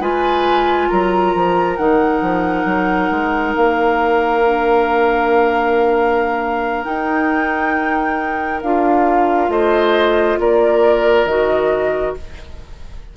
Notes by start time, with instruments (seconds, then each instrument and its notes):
0.00 bassoon G#3, clarinet F4, oboe B4, flute G#5
0.89 bassoon F#3, oboe A#4, flute A#5
1.35 bassoon F3
1.77 bassoon D#3, clarinet D#4, flute F#5
2.22 bassoon F3
2.65 bassoon F#3
3.11 bassoon G#3
3.56 bassoon A#3, flute F5
4.42 clarinet D4
6.84 clarinet D#4, bassoon D#4, flute G5
8.62 bassoon D4, clarinet F4, flute F5
9.49 bassoon A3, oboe C5, flute D#5
10.39 bassoon A#3, oboe A#4, flute D5
11.25 bassoon D#3, clarinet F#4, flute D#5